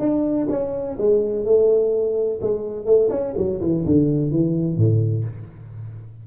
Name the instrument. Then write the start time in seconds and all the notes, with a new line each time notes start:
tuba
0.00 D4
0.49 C#4
0.98 G#3
1.45 A3
2.42 G#3
2.86 A3
3.10 C#4
3.37 F#3
3.61 E3
3.86 D3
4.31 E3
4.77 A2